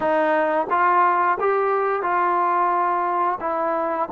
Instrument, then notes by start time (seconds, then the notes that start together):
trombone
0.00 D#4
0.69 F4
1.40 G4
2.02 F4
3.40 E4